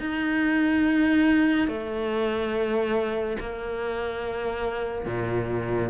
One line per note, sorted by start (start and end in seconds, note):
0.00 1.68 D#4
1.68 3.37 A3
3.40 5.06 A#3
5.06 5.90 A#2